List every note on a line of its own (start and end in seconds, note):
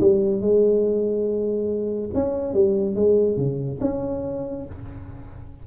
0.00 0.41 G3
0.41 2.10 G#3
2.14 2.54 C#4
2.54 2.95 G3
2.95 3.37 G#3
3.37 3.79 C#3
3.81 4.65 C#4